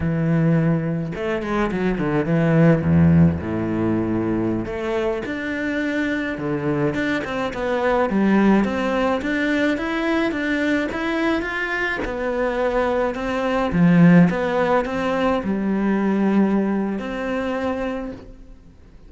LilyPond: \new Staff \with { instrumentName = "cello" } { \time 4/4 \tempo 4 = 106 e2 a8 gis8 fis8 d8 | e4 e,4 a,2~ | a,16 a4 d'2 d8.~ | d16 d'8 c'8 b4 g4 c'8.~ |
c'16 d'4 e'4 d'4 e'8.~ | e'16 f'4 b2 c'8.~ | c'16 f4 b4 c'4 g8.~ | g2 c'2 | }